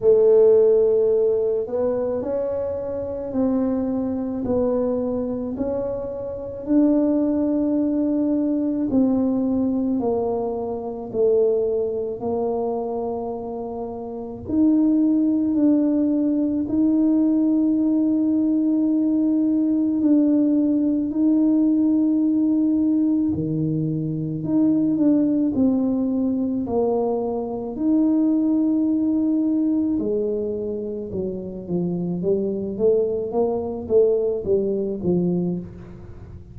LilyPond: \new Staff \with { instrumentName = "tuba" } { \time 4/4 \tempo 4 = 54 a4. b8 cis'4 c'4 | b4 cis'4 d'2 | c'4 ais4 a4 ais4~ | ais4 dis'4 d'4 dis'4~ |
dis'2 d'4 dis'4~ | dis'4 dis4 dis'8 d'8 c'4 | ais4 dis'2 gis4 | fis8 f8 g8 a8 ais8 a8 g8 f8 | }